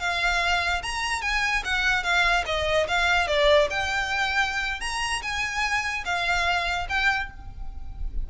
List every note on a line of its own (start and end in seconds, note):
0.00 0.82 F5
0.83 1.22 A#5
1.22 1.63 G#5
1.65 2.03 F#5
2.03 2.45 F5
2.46 2.87 D#5
2.88 3.27 F5
3.27 3.69 D5
3.70 4.81 G5
4.81 5.22 A#5
5.22 6.04 G#5
6.05 6.87 F5
6.89 7.30 G5